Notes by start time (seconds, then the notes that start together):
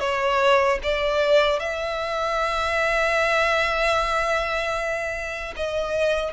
0.00 C#5
0.83 D5
1.59 E5
5.56 D#5